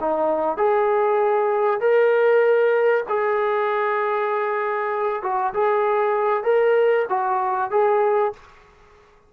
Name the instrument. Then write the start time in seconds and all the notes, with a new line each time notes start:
trombone
0.00 D#4
0.57 G#4
1.80 A#4
3.09 G#4
5.22 F#4
5.53 G#4
6.44 A#4
7.09 F#4
7.71 G#4